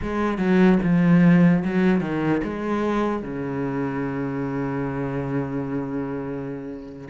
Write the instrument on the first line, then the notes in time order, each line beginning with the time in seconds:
cello
0.02 G#3
0.38 F#3
0.83 F3
1.64 F#3
2.00 D#3
2.43 G#3
3.22 C#3